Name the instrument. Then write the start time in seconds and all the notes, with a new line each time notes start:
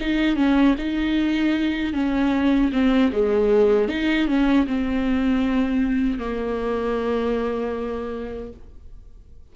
viola
0.00 D#4
0.36 C#4
0.78 D#4
1.93 C#4
2.72 C4
3.12 G#3
3.88 D#4
4.27 C#4
4.66 C4
6.19 A#3